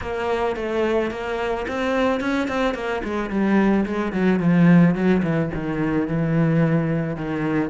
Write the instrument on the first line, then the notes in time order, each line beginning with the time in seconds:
cello
0.01 A#3
0.56 A3
1.10 A#3
1.68 C4
2.20 C#4
2.48 C4
2.74 A#3
3.04 G#3
3.30 G3
3.85 G#3
4.12 F#3
4.39 F3
4.94 F#3
5.22 E3
5.53 D#3
6.07 E3
7.16 D#3